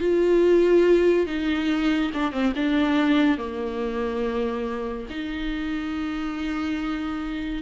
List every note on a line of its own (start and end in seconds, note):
0.00 1.27 F4
1.27 2.11 D#4
2.14 2.32 D4
2.32 2.53 C4
2.56 3.38 D4
3.38 5.07 A#3
5.10 7.62 D#4